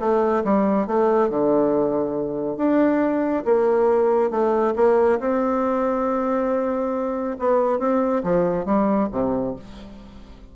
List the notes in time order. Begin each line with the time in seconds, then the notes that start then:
0.00 A3
0.44 G3
0.87 A3
1.30 D3
2.57 D4
3.45 A#3
4.31 A3
4.76 A#3
5.20 C4
7.39 B3
7.79 C4
8.24 F3
8.66 G3
9.12 C3